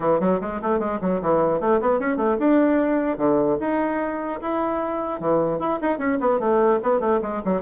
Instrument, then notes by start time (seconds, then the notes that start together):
bassoon
0.00 E3
0.20 F#3
0.40 G#3
0.62 A3
0.79 G#3
1.01 F#3
1.21 E3
1.60 A3
1.80 B3
1.99 C#4
2.17 A3
2.39 D4
3.17 D3
3.60 D#4
4.41 E4
5.19 E3
5.59 E4
5.81 D#4
5.98 C#4
6.20 B3
6.39 A3
6.82 B3
6.99 A3
7.22 G#3
7.45 F#3